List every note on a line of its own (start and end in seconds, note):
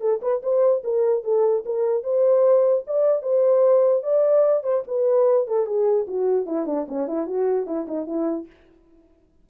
0.00 0.20 A4
0.21 0.42 B4
0.42 0.83 C5
0.84 1.23 A#4
1.23 1.64 A4
1.65 2.03 A#4
2.03 2.84 C5
2.87 3.22 D5
3.22 4.02 C5
4.03 4.63 D5
4.63 4.83 C5
4.87 5.47 B4
5.47 5.66 A4
5.66 6.06 G#4
6.07 6.46 F#4
6.46 6.66 E4
6.66 6.86 D4
6.88 7.07 C#4
7.07 7.26 E4
7.26 7.66 F#4
7.66 7.86 E4
7.88 8.06 D#4
8.06 8.46 E4